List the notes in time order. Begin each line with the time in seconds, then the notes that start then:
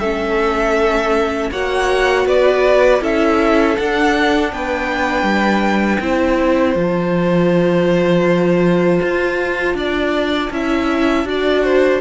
0.00 A3 C#4 A4 E5
1.51 A#3 F#4 C#5 F#5
2.26 B3 B4 D5
3.02 C#4 E4 A4 E5
3.78 D4 F#5
4.52 B3 B4 G5
5.23 G3
6.00 C4 E4 C5
6.75 F3 F4 A5
9.02 F4
9.75 D4 D5
10.50 C#4 E4 E5
11.25 D4 F#4 D5
11.64 C5